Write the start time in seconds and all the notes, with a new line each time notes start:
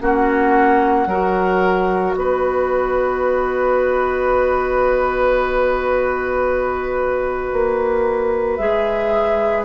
0.00 A#3 C#4 F#4 F#5
1.07 F#3 F#4 A#4
2.14 B3 B4 D#5
7.53 A#3
8.56 G#3 G#4 E5